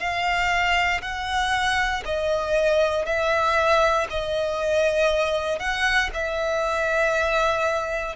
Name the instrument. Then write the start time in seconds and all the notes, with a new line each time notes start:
violin
0.00 F5
1.02 F#5
2.05 D#5
3.06 E5
4.10 D#5
5.59 F#5
6.14 E5